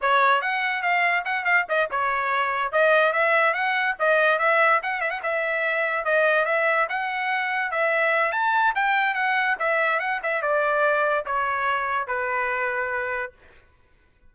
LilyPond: \new Staff \with { instrumentName = "trumpet" } { \time 4/4 \tempo 4 = 144 cis''4 fis''4 f''4 fis''8 f''8 | dis''8 cis''2 dis''4 e''8~ | e''8 fis''4 dis''4 e''4 fis''8 | e''16 fis''16 e''2 dis''4 e''8~ |
e''8 fis''2 e''4. | a''4 g''4 fis''4 e''4 | fis''8 e''8 d''2 cis''4~ | cis''4 b'2. | }